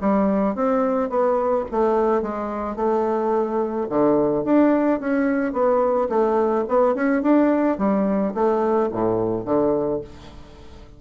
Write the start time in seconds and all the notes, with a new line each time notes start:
0.00 G3
0.55 C4
1.09 B3
1.70 A3
2.22 G#3
2.76 A3
3.89 D3
4.44 D4
5.00 C#4
5.52 B3
6.09 A3
6.68 B3
6.94 C#4
7.22 D4
7.78 G3
8.34 A3
8.91 A2
9.45 D3